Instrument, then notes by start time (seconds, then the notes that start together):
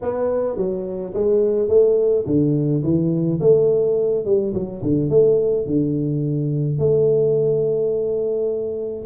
tuba
0.01 B3
0.56 F#3
1.14 G#3
1.68 A3
2.26 D3
2.83 E3
3.40 A3
4.25 G3
4.53 F#3
4.82 D3
5.09 A3
5.66 D3
6.78 A3